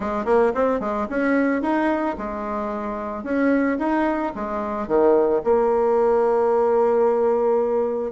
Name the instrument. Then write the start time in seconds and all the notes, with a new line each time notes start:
bassoon
0.00 G#3
0.25 A#3
0.54 C4
0.80 G#3
1.09 C#4
1.62 D#4
2.18 G#3
3.23 C#4
3.78 D#4
4.35 G#3
4.87 D#3
5.43 A#3